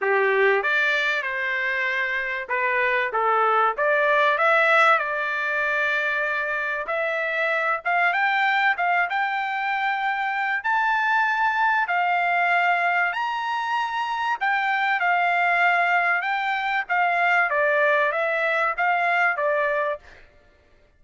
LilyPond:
\new Staff \with { instrumentName = "trumpet" } { \time 4/4 \tempo 4 = 96 g'4 d''4 c''2 | b'4 a'4 d''4 e''4 | d''2. e''4~ | e''8 f''8 g''4 f''8 g''4.~ |
g''4 a''2 f''4~ | f''4 ais''2 g''4 | f''2 g''4 f''4 | d''4 e''4 f''4 d''4 | }